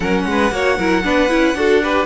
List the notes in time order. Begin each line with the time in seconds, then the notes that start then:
0.00 F#3 C#4 A#4 F#5
0.25 G#3 B4
0.51 A#3 F#4 C#5
0.77 F#3 E4 A#4
1.03 B3 D4 B4
1.29 C#4 E4
1.54 D4 F#4 A4
1.82 G4 B4